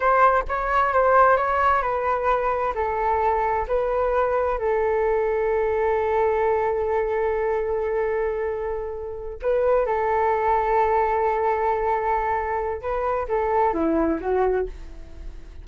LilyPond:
\new Staff \with { instrumentName = "flute" } { \time 4/4 \tempo 4 = 131 c''4 cis''4 c''4 cis''4 | b'2 a'2 | b'2 a'2~ | a'1~ |
a'1~ | a'8 b'4 a'2~ a'8~ | a'1 | b'4 a'4 e'4 fis'4 | }